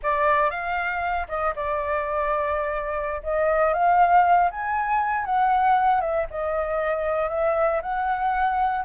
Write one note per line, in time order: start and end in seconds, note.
0.03 0.50 D5
0.50 1.27 F5
1.28 1.54 D#5
1.55 3.22 D5
3.23 3.73 D#5
3.73 4.50 F5
4.50 5.25 G#5
5.25 6.00 F#5
6.00 6.26 E5
6.30 7.29 D#5
7.29 7.81 E5
7.82 8.84 F#5